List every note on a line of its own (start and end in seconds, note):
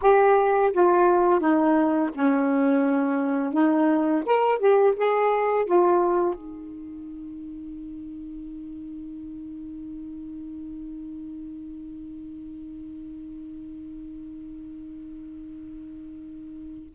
0.01 0.72 G4
0.72 1.40 F4
1.40 2.10 D#4
2.14 3.53 C#4
3.53 4.23 D#4
4.25 4.58 A#4
4.58 4.93 G4
4.96 5.65 G#4
5.65 6.34 F4
6.34 16.93 D#4